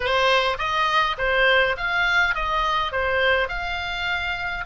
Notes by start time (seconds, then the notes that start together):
0.00 C5
0.58 D#5
1.18 C5
1.77 F5
2.34 D#5
2.92 C5
3.48 F5